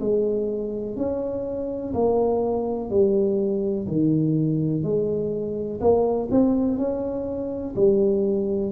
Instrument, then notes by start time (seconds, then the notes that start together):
tuba
0.00 G#3
0.97 C#4
1.94 A#3
2.90 G3
3.88 D#3
4.83 G#3
5.81 A#3
6.31 C4
6.78 C#4
7.76 G3